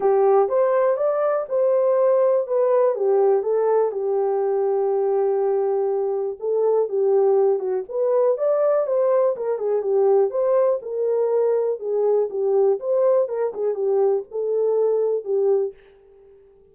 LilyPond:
\new Staff \with { instrumentName = "horn" } { \time 4/4 \tempo 4 = 122 g'4 c''4 d''4 c''4~ | c''4 b'4 g'4 a'4 | g'1~ | g'4 a'4 g'4. fis'8 |
b'4 d''4 c''4 ais'8 gis'8 | g'4 c''4 ais'2 | gis'4 g'4 c''4 ais'8 gis'8 | g'4 a'2 g'4 | }